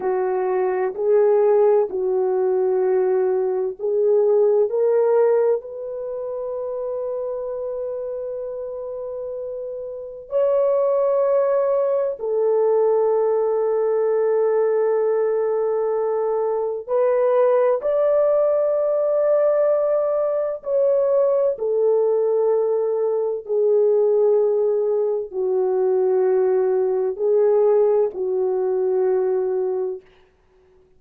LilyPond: \new Staff \with { instrumentName = "horn" } { \time 4/4 \tempo 4 = 64 fis'4 gis'4 fis'2 | gis'4 ais'4 b'2~ | b'2. cis''4~ | cis''4 a'2.~ |
a'2 b'4 d''4~ | d''2 cis''4 a'4~ | a'4 gis'2 fis'4~ | fis'4 gis'4 fis'2 | }